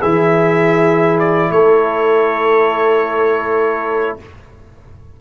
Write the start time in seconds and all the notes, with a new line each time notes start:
0.00 E3 E4 G#4 E5
1.19 D5
1.50 A3 A4 C#5